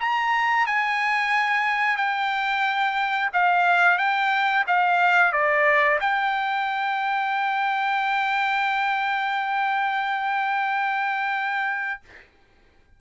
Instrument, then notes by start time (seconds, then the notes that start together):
trumpet
0.00 A#5
0.66 G#5
1.97 G5
3.33 F5
3.98 G5
4.67 F5
5.32 D5
6.00 G5